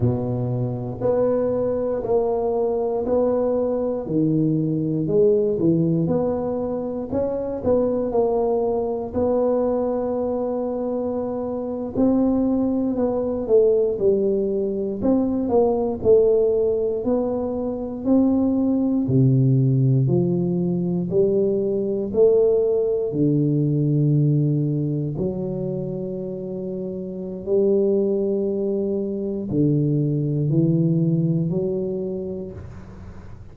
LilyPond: \new Staff \with { instrumentName = "tuba" } { \time 4/4 \tempo 4 = 59 b,4 b4 ais4 b4 | dis4 gis8 e8 b4 cis'8 b8 | ais4 b2~ b8. c'16~ | c'8. b8 a8 g4 c'8 ais8 a16~ |
a8. b4 c'4 c4 f16~ | f8. g4 a4 d4~ d16~ | d8. fis2~ fis16 g4~ | g4 d4 e4 fis4 | }